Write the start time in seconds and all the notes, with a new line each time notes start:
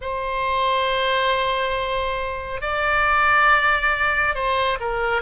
0.01 C5
2.61 D5
4.34 C5
4.80 A#4